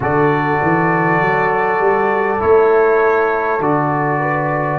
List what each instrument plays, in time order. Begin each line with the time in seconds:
0.00 tuba D3, trombone F#4, horn A4, trumpet D5
0.62 tuba E3
1.20 tuba F#3
1.79 tuba G3
2.39 tuba A3, trombone E4, trumpet C#5
3.59 tuba D3, trombone F#4, trumpet D5
4.19 horn B4